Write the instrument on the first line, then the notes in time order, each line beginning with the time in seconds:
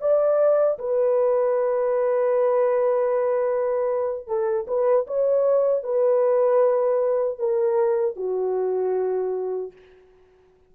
horn
0.00 D5
0.78 B4
4.27 A4
4.67 B4
5.06 C#5
5.83 B4
7.38 A#4
8.16 F#4